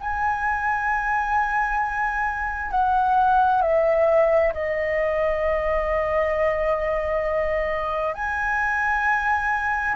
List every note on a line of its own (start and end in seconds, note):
0.00 2.71 G#5
2.71 3.62 F#5
3.62 4.53 E5
4.53 8.14 D#5
8.14 9.96 G#5